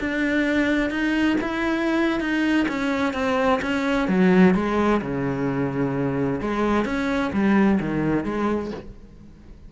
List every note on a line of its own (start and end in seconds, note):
0.00 0.90 D4
0.90 1.37 D#4
1.41 2.20 E4
2.20 2.67 D#4
2.68 3.14 C#4
3.14 3.60 C4
3.62 4.08 C#4
4.08 4.55 F#3
4.55 5.01 G#3
5.01 6.41 C#3
6.41 6.85 G#3
6.85 7.31 C#4
7.33 7.80 G3
7.80 8.25 D#3
8.25 8.71 G#3